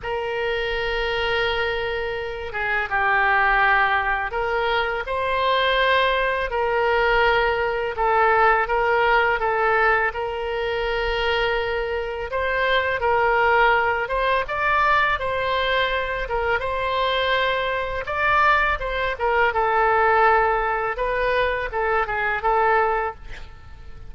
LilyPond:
\new Staff \with { instrumentName = "oboe" } { \time 4/4 \tempo 4 = 83 ais'2.~ ais'8 gis'8 | g'2 ais'4 c''4~ | c''4 ais'2 a'4 | ais'4 a'4 ais'2~ |
ais'4 c''4 ais'4. c''8 | d''4 c''4. ais'8 c''4~ | c''4 d''4 c''8 ais'8 a'4~ | a'4 b'4 a'8 gis'8 a'4 | }